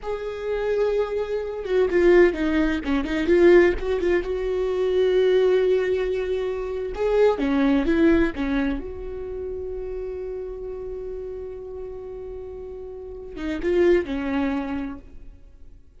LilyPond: \new Staff \with { instrumentName = "viola" } { \time 4/4 \tempo 4 = 128 gis'2.~ gis'8 fis'8 | f'4 dis'4 cis'8 dis'8 f'4 | fis'8 f'8 fis'2.~ | fis'2~ fis'8. gis'4 cis'16~ |
cis'8. e'4 cis'4 fis'4~ fis'16~ | fis'1~ | fis'1~ | fis'8 dis'8 f'4 cis'2 | }